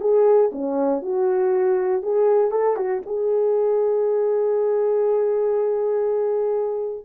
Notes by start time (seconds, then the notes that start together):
0.00 G#4
0.52 C#4
1.02 F#4
2.02 G#4
2.51 A4
2.76 F#4
3.05 G#4